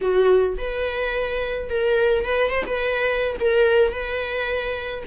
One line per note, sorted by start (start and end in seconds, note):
0.01 0.57 F#4
0.57 1.69 B4
1.69 2.24 A#4
2.24 2.50 B4
2.50 2.64 C5
2.66 3.36 B4
3.40 3.91 A#4
3.91 5.03 B4